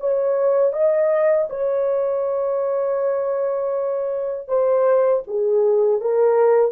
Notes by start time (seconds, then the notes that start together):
0.00 C#5
0.73 D#5
1.49 C#5
4.48 C5
5.27 G#4
6.01 A#4